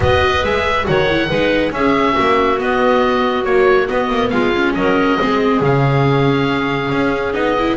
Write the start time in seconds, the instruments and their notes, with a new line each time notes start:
0.00 double bass B3, viola F#4, clarinet B4, oboe D#5
0.43 double bass G#3, viola G#4, oboe E5
0.84 double bass D#3, viola F#4, clarinet C#5, oboe F#5
1.09 viola E4
1.28 double bass G#3, viola D#4, clarinet B4
1.70 viola C#4, double bass C#4, clarinet G#4, oboe E5
2.12 clarinet F#4
2.19 double bass A#3
2.57 viola B3, double bass B3, oboe D#5
3.43 viola F#3, double bass A#3, oboe C#5
3.88 viola B3, double bass B3, oboe D#5
4.09 double bass A#3
4.29 double bass G#3, clarinet F4, oboe F5
4.54 viola C#4
4.74 double bass F#3, clarinet A#4, oboe D#5
5.18 double bass G#3, viola C4, clarinet G#4
5.60 double bass C#3, viola C#4, oboe F5
6.91 double bass C#4
7.33 double bass B3, viola D#4, oboe D#5
7.58 viola E4